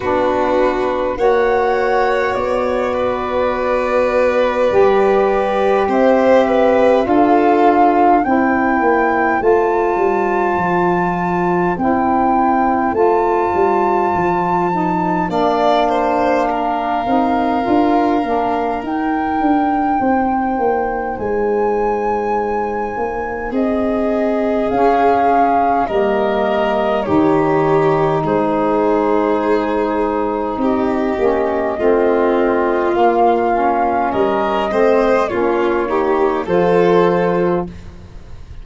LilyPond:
<<
  \new Staff \with { instrumentName = "flute" } { \time 4/4 \tempo 4 = 51 b'4 fis''4 d''2~ | d''4 e''4 f''4 g''4 | a''2 g''4 a''4~ | a''4 f''2. |
g''2 gis''2 | dis''4 f''4 dis''4 cis''4 | c''2 dis''2 | f''4 dis''4 cis''4 c''4 | }
  \new Staff \with { instrumentName = "violin" } { \time 4/4 fis'4 cis''4. b'4.~ | b'4 c''8 b'8 a'4 c''4~ | c''1~ | c''4 d''8 c''8 ais'2~ |
ais'4 c''2. | gis'2 ais'4 g'4 | gis'2 g'4 f'4~ | f'4 ais'8 c''8 f'8 g'8 a'4 | }
  \new Staff \with { instrumentName = "saxophone" } { \time 4/4 d'4 fis'2. | g'2 f'4 e'4 | f'2 e'4 f'4~ | f'8 dis'8 d'4. dis'8 f'8 d'8 |
dis'1~ | dis'4 cis'4 ais4 dis'4~ | dis'2~ dis'8 cis'8 c'4 | ais8 cis'4 c'8 cis'8 dis'8 f'4 | }
  \new Staff \with { instrumentName = "tuba" } { \time 4/4 b4 ais4 b2 | g4 c'4 d'4 c'8 ais8 | a8 g8 f4 c'4 a8 g8 | f4 ais4. c'8 d'8 ais8 |
dis'8 d'8 c'8 ais8 gis4. ais8 | c'4 cis'4 g4 dis4 | gis2 c'8 ais8 a4 | ais4 g8 a8 ais4 f4 | }
>>